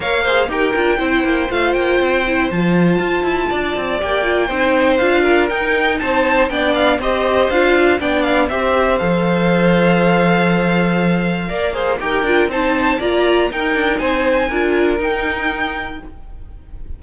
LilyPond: <<
  \new Staff \with { instrumentName = "violin" } { \time 4/4 \tempo 4 = 120 f''4 g''2 f''8 g''8~ | g''4 a''2. | g''2 f''4 g''4 | a''4 g''8 f''8 dis''4 f''4 |
g''8 f''8 e''4 f''2~ | f''1 | g''4 a''4 ais''4 g''4 | gis''2 g''2 | }
  \new Staff \with { instrumentName = "violin" } { \time 4/4 cis''8 c''8 ais'4 c''2~ | c''2. d''4~ | d''4 c''4. ais'4. | c''4 d''4 c''2 |
d''4 c''2.~ | c''2. d''8 c''8 | ais'4 c''4 d''4 ais'4 | c''4 ais'2. | }
  \new Staff \with { instrumentName = "viola" } { \time 4/4 ais'8 gis'8 g'8 f'8 e'4 f'4~ | f'8 e'8 f'2. | g'8 f'8 dis'4 f'4 dis'4~ | dis'4 d'4 g'4 f'4 |
d'4 g'4 a'2~ | a'2. ais'8 gis'8 | g'8 f'8 dis'4 f'4 dis'4~ | dis'4 f'4 dis'2 | }
  \new Staff \with { instrumentName = "cello" } { \time 4/4 ais4 dis'8 d'8 c'8 ais8 a8 ais8 | c'4 f4 f'8 e'8 d'8 c'8 | ais4 c'4 d'4 dis'4 | c'4 b4 c'4 d'4 |
b4 c'4 f2~ | f2. ais4 | dis'8 d'8 c'4 ais4 dis'8 d'8 | c'4 d'4 dis'2 | }
>>